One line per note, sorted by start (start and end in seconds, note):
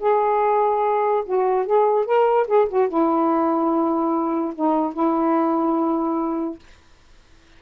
0.00 1.24 G#4
1.26 1.66 F#4
1.66 2.06 G#4
2.06 2.47 A#4
2.48 2.69 G#4
2.69 2.89 F#4
2.89 4.54 E4
4.55 4.94 D#4
4.94 6.59 E4